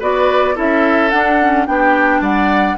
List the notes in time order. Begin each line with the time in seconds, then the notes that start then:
0.00 B3 F#4 B4 D5
0.55 C#4 E4 A4 E5
1.10 D4 F#5
1.41 C#4
1.67 B3 D4 G4 G5
2.21 G3 D5 F#5